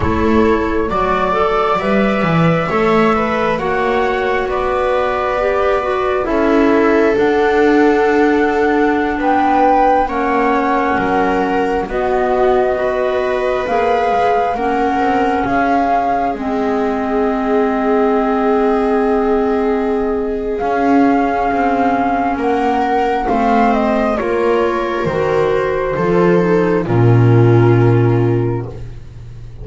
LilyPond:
<<
  \new Staff \with { instrumentName = "flute" } { \time 4/4 \tempo 4 = 67 cis''4 d''4 e''2 | fis''4 d''2 e''4 | fis''2~ fis''16 g''4 fis''8.~ | fis''4~ fis''16 dis''2 f''8.~ |
f''16 fis''4 f''4 dis''4.~ dis''16~ | dis''2. f''4~ | f''4 fis''4 f''8 dis''8 cis''4 | c''2 ais'2 | }
  \new Staff \with { instrumentName = "viola" } { \time 4/4 a'4 d''2 cis''8 b'8 | cis''4 b'2 a'4~ | a'2~ a'16 b'4 cis''8.~ | cis''16 ais'4 fis'4 b'4.~ b'16~ |
b'16 ais'4 gis'2~ gis'8.~ | gis'1~ | gis'4 ais'4 c''4 ais'4~ | ais'4 a'4 f'2 | }
  \new Staff \with { instrumentName = "clarinet" } { \time 4/4 e'4 fis'8 a'8 b'4 a'4 | fis'2 g'8 fis'8 e'4 | d'2.~ d'16 cis'8.~ | cis'4~ cis'16 b4 fis'4 gis'8.~ |
gis'16 cis'2 c'4.~ c'16~ | c'2. cis'4~ | cis'2 c'4 f'4 | fis'4 f'8 dis'8 cis'2 | }
  \new Staff \with { instrumentName = "double bass" } { \time 4/4 a4 fis4 g8 e8 a4 | ais4 b2 cis'4 | d'2~ d'16 b4 ais8.~ | ais16 fis4 b2 ais8 gis16~ |
gis16 ais8 c'8 cis'4 gis4.~ gis16~ | gis2. cis'4 | c'4 ais4 a4 ais4 | dis4 f4 ais,2 | }
>>